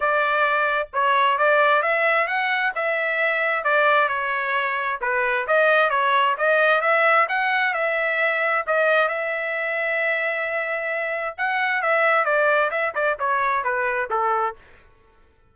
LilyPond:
\new Staff \with { instrumentName = "trumpet" } { \time 4/4 \tempo 4 = 132 d''2 cis''4 d''4 | e''4 fis''4 e''2 | d''4 cis''2 b'4 | dis''4 cis''4 dis''4 e''4 |
fis''4 e''2 dis''4 | e''1~ | e''4 fis''4 e''4 d''4 | e''8 d''8 cis''4 b'4 a'4 | }